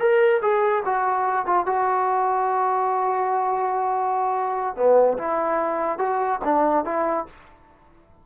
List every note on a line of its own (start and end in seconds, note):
0.00 0.41 A#4
0.42 0.84 G#4
0.86 1.46 F#4
1.46 1.67 F4
1.67 4.77 F#4
4.77 5.18 B3
5.19 5.99 E4
5.99 6.40 F#4
6.45 6.85 D4
6.85 7.27 E4